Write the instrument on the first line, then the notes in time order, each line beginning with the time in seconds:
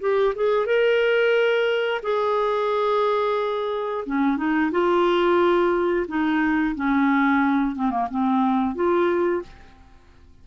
clarinet
0.00 G4
0.35 G#4
0.66 A#4
2.02 G#4
4.05 C#4
4.37 D#4
4.71 F4
6.07 D#4
6.75 C#4
7.75 C4
7.91 A#3
8.10 C4
8.75 F4